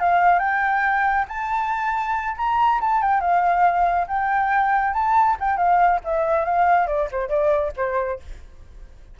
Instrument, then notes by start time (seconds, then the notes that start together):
flute
0.00 F5
0.39 G5
1.28 A5
2.37 A#5
2.81 A5
3.02 G5
3.21 F5
4.08 G5
4.93 A5
5.40 G5
5.57 F5
6.04 E5
6.45 F5
6.87 D5
7.12 C5
7.29 D5
7.77 C5